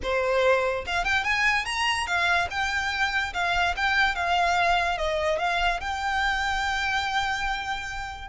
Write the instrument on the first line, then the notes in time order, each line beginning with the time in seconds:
violin
0.02 C5
0.86 F5
1.04 G5
1.24 G#5
1.65 A#5
2.06 F5
2.50 G5
3.33 F5
3.76 G5
4.15 F5
4.97 D#5
5.38 F5
5.80 G5